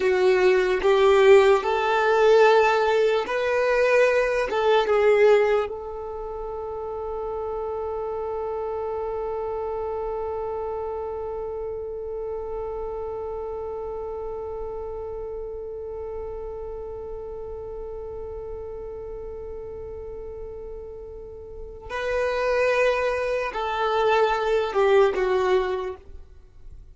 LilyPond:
\new Staff \with { instrumentName = "violin" } { \time 4/4 \tempo 4 = 74 fis'4 g'4 a'2 | b'4. a'8 gis'4 a'4~ | a'1~ | a'1~ |
a'1~ | a'1~ | a'2. b'4~ | b'4 a'4. g'8 fis'4 | }